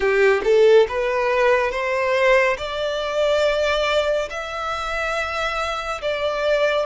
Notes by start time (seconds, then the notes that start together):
0.00 G4
0.44 A4
0.88 B4
1.71 C5
2.57 D5
4.29 E5
6.01 D5